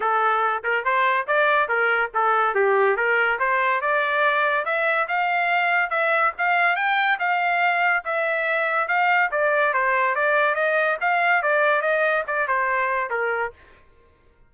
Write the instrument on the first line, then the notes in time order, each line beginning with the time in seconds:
trumpet
0.00 A4
0.63 A#4
0.84 C5
1.27 D5
1.68 A#4
2.14 A4
2.55 G4
2.96 A#4
3.39 C5
3.81 D5
4.65 E5
5.08 F5
5.90 E5
6.38 F5
6.75 G5
7.19 F5
8.04 E5
8.87 F5
9.31 D5
9.73 C5
10.15 D5
10.54 D#5
11.01 F5
11.42 D5
11.81 D#5
12.27 D5
12.47 C5
13.10 A#4